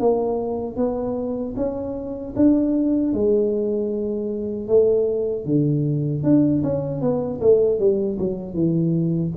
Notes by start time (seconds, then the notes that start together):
0.00 A#3
0.77 B3
1.57 C#4
2.36 D4
3.13 G#3
4.68 A3
5.45 D3
6.23 D4
6.63 C#4
7.01 B3
7.41 A3
7.79 G3
8.19 F#3
8.54 E3